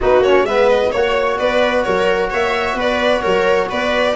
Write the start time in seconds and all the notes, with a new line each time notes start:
0.00 B3 D#4 F#4 B4
0.20 A#3 C#4 C#5
0.42 G#3 B3 B4 E5
0.68 D#5
0.91 A#3 F#4 C#5
1.38 B3 B4 D5
1.83 F#3 A#4 C#5
2.29 A#3 C#5 E5
2.74 B3 B4 D5
3.21 F#3 A#4 C#5
3.69 B3 B4 D5